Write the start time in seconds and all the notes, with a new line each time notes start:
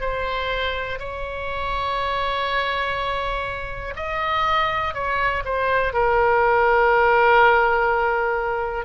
0.00 C5
0.99 C#5
3.95 D#5
4.94 C#5
5.45 C5
5.93 A#4